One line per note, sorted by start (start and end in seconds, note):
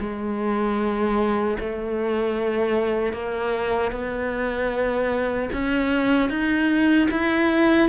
0.00 1.58 G#3
1.60 3.13 A3
3.13 3.92 A#3
3.92 5.50 B3
5.53 6.30 C#4
6.30 7.09 D#4
7.11 7.89 E4